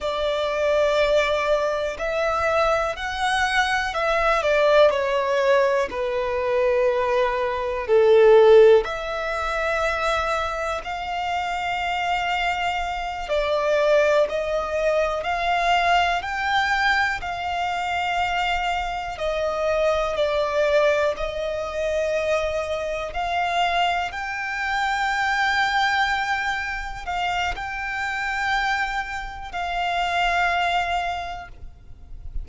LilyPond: \new Staff \with { instrumentName = "violin" } { \time 4/4 \tempo 4 = 61 d''2 e''4 fis''4 | e''8 d''8 cis''4 b'2 | a'4 e''2 f''4~ | f''4. d''4 dis''4 f''8~ |
f''8 g''4 f''2 dis''8~ | dis''8 d''4 dis''2 f''8~ | f''8 g''2. f''8 | g''2 f''2 | }